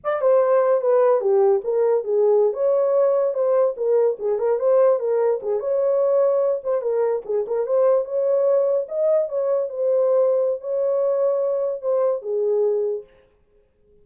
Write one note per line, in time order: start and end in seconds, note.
0.04 0.21 D5
0.21 0.81 C5
0.81 1.20 B4
1.20 1.61 G4
1.64 2.04 A#4
2.04 2.53 G#4
2.53 3.34 C#5
3.34 3.74 C5
3.77 4.17 A#4
4.19 4.38 G#4
4.38 4.59 A#4
4.59 4.99 C5
4.99 5.40 A#4
5.42 5.59 G#4
5.59 6.61 C#5
6.63 6.81 C5
6.81 7.22 A#4
7.25 7.45 G#4
7.47 7.66 A#4
7.66 8.04 C5
8.04 8.86 C#5
8.88 9.29 D#5
9.29 9.69 C#5
9.69 10.60 C5
10.60 11.81 C#5
11.81 12.22 C5
12.22 13.03 G#4